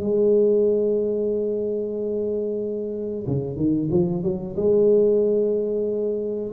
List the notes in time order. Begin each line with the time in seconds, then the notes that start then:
0.00 G#3
3.27 C#3
3.57 D#3
3.91 F3
4.23 F#3
4.57 G#3